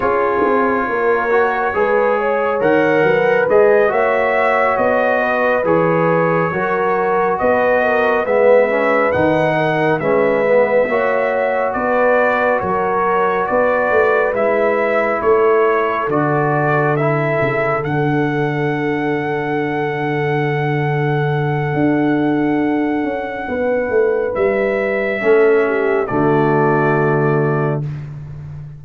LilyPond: <<
  \new Staff \with { instrumentName = "trumpet" } { \time 4/4 \tempo 4 = 69 cis''2. fis''4 | dis''8 e''4 dis''4 cis''4.~ | cis''8 dis''4 e''4 fis''4 e''8~ | e''4. d''4 cis''4 d''8~ |
d''8 e''4 cis''4 d''4 e''8~ | e''8 fis''2.~ fis''8~ | fis''1 | e''2 d''2 | }
  \new Staff \with { instrumentName = "horn" } { \time 4/4 gis'4 ais'4 b'8 cis''4 b'8~ | b'8 cis''4. b'4. ais'8~ | ais'8 b'8 ais'8 b'4. ais'8 b'8~ | b'8 cis''4 b'4 ais'4 b'8~ |
b'4. a'2~ a'8~ | a'1~ | a'2. b'4~ | b'4 a'8 g'8 fis'2 | }
  \new Staff \with { instrumentName = "trombone" } { \time 4/4 f'4. fis'8 gis'4 ais'4 | gis'8 fis'2 gis'4 fis'8~ | fis'4. b8 cis'8 dis'4 cis'8 | b8 fis'2.~ fis'8~ |
fis'8 e'2 fis'4 e'8~ | e'8 d'2.~ d'8~ | d'1~ | d'4 cis'4 a2 | }
  \new Staff \with { instrumentName = "tuba" } { \time 4/4 cis'8 c'8 ais4 gis4 dis8 fis8 | gis8 ais4 b4 e4 fis8~ | fis8 b4 gis4 dis4 gis8~ | gis8 ais4 b4 fis4 b8 |
a8 gis4 a4 d4. | cis8 d2.~ d8~ | d4 d'4. cis'8 b8 a8 | g4 a4 d2 | }
>>